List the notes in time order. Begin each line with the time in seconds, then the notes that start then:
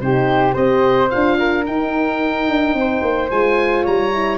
0.00 C3 D#4 G4 C5
0.53 C4 G4 C5 D#5
1.10 D4 F4 F5
1.38 A#4
1.66 D#4 G5
2.48 D4
2.74 C4 C5
3.02 A#3
3.31 G#3 F4 G#5
3.83 G3 C#5 A#5
4.13 E4